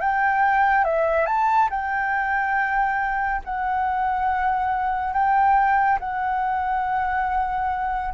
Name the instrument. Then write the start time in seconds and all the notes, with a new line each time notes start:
flute
0.00 G5
0.84 E5
1.26 A5
1.70 G5
3.44 F#5
5.13 G5
5.99 F#5